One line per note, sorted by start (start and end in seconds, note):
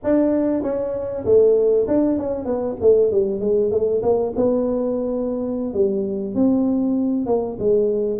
0.03 0.62 D4
0.62 1.24 C#4
1.25 1.87 A3
1.87 2.18 D4
2.18 2.45 C#4
2.45 2.76 B3
2.80 3.11 A3
3.11 3.40 G3
3.40 3.71 G#3
3.71 4.02 A3
4.02 4.33 A#3
4.36 5.73 B3
5.73 6.34 G3
6.34 7.26 C4
7.26 7.57 A#3
7.59 8.19 G#3